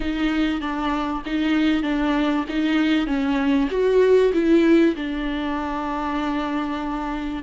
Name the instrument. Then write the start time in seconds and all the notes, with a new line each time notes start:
viola
0.00 D#4
0.60 D4
1.25 D#4
1.82 D4
2.48 D#4
3.06 C#4
3.70 F#4
4.33 E4
4.95 D4